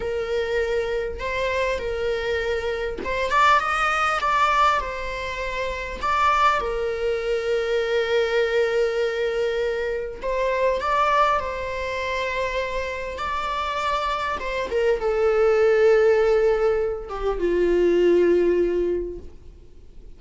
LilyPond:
\new Staff \with { instrumentName = "viola" } { \time 4/4 \tempo 4 = 100 ais'2 c''4 ais'4~ | ais'4 c''8 d''8 dis''4 d''4 | c''2 d''4 ais'4~ | ais'1~ |
ais'4 c''4 d''4 c''4~ | c''2 d''2 | c''8 ais'8 a'2.~ | a'8 g'8 f'2. | }